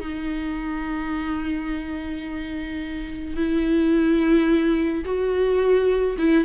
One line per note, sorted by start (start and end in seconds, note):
0.00 3.36 D#4
3.36 5.04 E4
5.04 6.17 F#4
6.18 6.44 E4